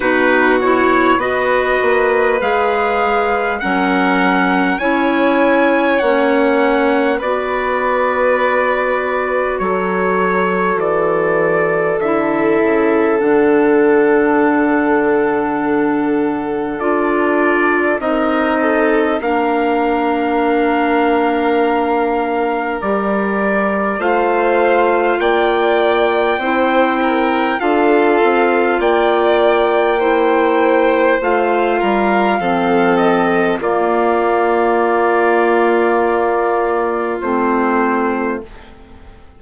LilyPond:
<<
  \new Staff \with { instrumentName = "trumpet" } { \time 4/4 \tempo 4 = 50 b'8 cis''8 dis''4 f''4 fis''4 | gis''4 fis''4 d''2 | cis''4 d''4 e''4 fis''4~ | fis''2 d''4 dis''4 |
f''2. d''4 | f''4 g''2 f''4 | g''2 f''4. dis''8 | d''2. c''4 | }
  \new Staff \with { instrumentName = "violin" } { \time 4/4 fis'4 b'2 ais'4 | cis''2 b'2 | a'1~ | a'2. ais'8 a'8 |
ais'1 | c''4 d''4 c''8 ais'8 a'4 | d''4 c''4. ais'8 a'4 | f'1 | }
  \new Staff \with { instrumentName = "clarinet" } { \time 4/4 dis'8 e'8 fis'4 gis'4 cis'4 | e'4 cis'4 fis'2~ | fis'2 e'4 d'4~ | d'2 f'4 dis'4 |
d'2. g'4 | f'2 e'4 f'4~ | f'4 e'4 f'4 c'4 | ais2. c'4 | }
  \new Staff \with { instrumentName = "bassoon" } { \time 4/4 b,4 b8 ais8 gis4 fis4 | cis'4 ais4 b2 | fis4 e4 d8 cis8 d4~ | d2 d'4 c'4 |
ais2. g4 | a4 ais4 c'4 d'8 c'8 | ais2 a8 g8 f4 | ais2. a4 | }
>>